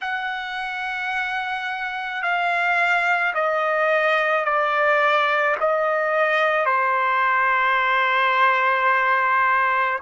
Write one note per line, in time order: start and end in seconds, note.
0.01 2.22 F#5
2.22 3.33 F5
3.34 4.44 D#5
4.44 5.56 D5
5.60 6.65 D#5
6.65 9.98 C5